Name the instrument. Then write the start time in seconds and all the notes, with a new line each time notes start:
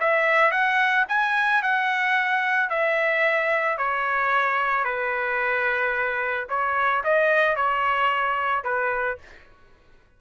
trumpet
0.00 E5
0.51 F#5
1.08 G#5
1.63 F#5
2.70 E5
3.78 C#5
4.85 B4
6.49 C#5
7.04 D#5
7.56 C#5
8.64 B4